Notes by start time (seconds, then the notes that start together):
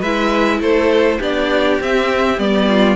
0.00 G#3 E4 B4 E5
0.61 A3 A4 C5
1.19 B3 D4 G4 D5
1.81 C4 E5
2.38 G3 B3 D5
2.68 F4